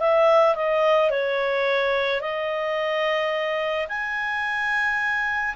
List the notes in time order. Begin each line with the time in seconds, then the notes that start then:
0.00 E5
0.55 D#5
1.10 C#5
2.21 D#5
3.88 G#5